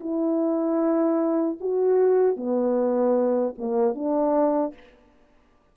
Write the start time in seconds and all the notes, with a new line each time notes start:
0.00 E4
1.60 F#4
2.36 B3
3.58 A#3
3.95 D4